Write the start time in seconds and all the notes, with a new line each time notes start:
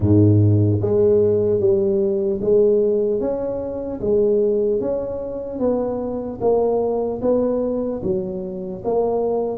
0.00 G#2
0.81 G#3
1.60 G3
2.41 G#3
3.20 C#4
4.00 G#3
4.80 C#4
5.59 B3
6.40 A#3
7.21 B3
8.03 F#3
8.84 A#3